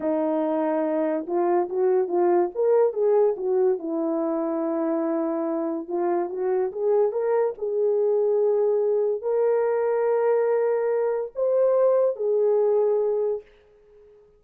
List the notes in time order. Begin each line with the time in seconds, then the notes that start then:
0.00 D#4
1.26 F4
1.69 F#4
2.08 F4
2.55 A#4
2.93 G#4
3.36 F#4
3.78 E4
5.88 F4
6.29 F#4
6.72 G#4
7.12 A#4
7.57 G#4
9.21 A#4
11.35 C5
12.16 G#4